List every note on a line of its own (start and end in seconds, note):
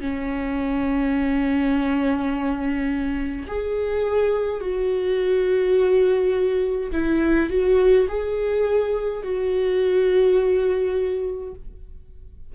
0.00 3.46 C#4
3.47 4.60 G#4
4.60 6.91 F#4
6.92 7.50 E4
7.50 8.08 F#4
8.08 9.23 G#4
9.23 11.54 F#4